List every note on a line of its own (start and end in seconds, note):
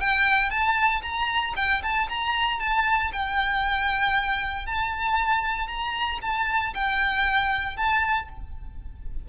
0.00 0.50 G5
0.50 1.02 A5
1.02 1.54 A#5
1.56 1.82 G5
1.82 2.08 A5
2.09 2.60 A#5
2.60 3.12 A5
3.13 4.66 G5
4.66 5.67 A5
5.67 6.19 A#5
6.22 6.74 A5
6.74 7.77 G5
7.77 8.29 A5